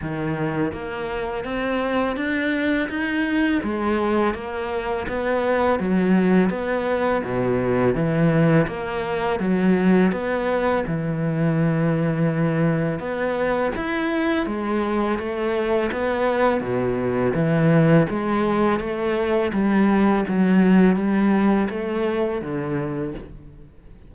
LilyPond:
\new Staff \with { instrumentName = "cello" } { \time 4/4 \tempo 4 = 83 dis4 ais4 c'4 d'4 | dis'4 gis4 ais4 b4 | fis4 b4 b,4 e4 | ais4 fis4 b4 e4~ |
e2 b4 e'4 | gis4 a4 b4 b,4 | e4 gis4 a4 g4 | fis4 g4 a4 d4 | }